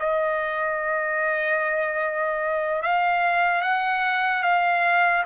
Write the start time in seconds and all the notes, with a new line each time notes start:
0.00 D#5
2.83 F5
3.62 F#5
4.43 F5